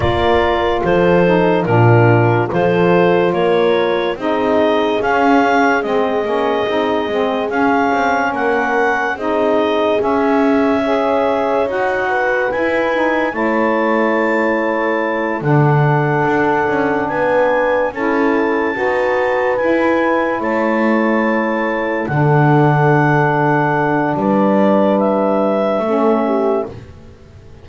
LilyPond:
<<
  \new Staff \with { instrumentName = "clarinet" } { \time 4/4 \tempo 4 = 72 d''4 c''4 ais'4 c''4 | cis''4 dis''4 f''4 dis''4~ | dis''4 f''4 fis''4 dis''4 | e''2 fis''4 gis''4 |
a''2~ a''8 fis''4.~ | fis''8 gis''4 a''2 gis''8~ | gis''8 a''2 fis''4.~ | fis''4 d''4 e''2 | }
  \new Staff \with { instrumentName = "horn" } { \time 4/4 ais'4 a'4 f'4 a'4 | ais'4 gis'2.~ | gis'2 ais'4 gis'4~ | gis'4 cis''4. b'4. |
cis''2~ cis''8 a'4.~ | a'8 b'4 a'4 b'4.~ | b'8 cis''2 a'4.~ | a'4 b'2 a'8 g'8 | }
  \new Staff \with { instrumentName = "saxophone" } { \time 4/4 f'4. dis'8 d'4 f'4~ | f'4 dis'4 cis'4 c'8 cis'8 | dis'8 c'8 cis'2 dis'4 | cis'4 gis'4 fis'4 e'8 dis'8 |
e'2~ e'8 d'4.~ | d'4. e'4 fis'4 e'8~ | e'2~ e'8 d'4.~ | d'2. cis'4 | }
  \new Staff \with { instrumentName = "double bass" } { \time 4/4 ais4 f4 ais,4 f4 | ais4 c'4 cis'4 gis8 ais8 | c'8 gis8 cis'8 c'8 ais4 c'4 | cis'2 dis'4 e'4 |
a2~ a8 d4 d'8 | cis'8 b4 cis'4 dis'4 e'8~ | e'8 a2 d4.~ | d4 g2 a4 | }
>>